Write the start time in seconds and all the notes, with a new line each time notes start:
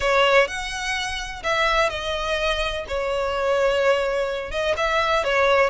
0.00 C#5
0.47 F#5
1.43 E5
1.89 D#5
2.87 C#5
4.51 D#5
4.76 E5
5.24 C#5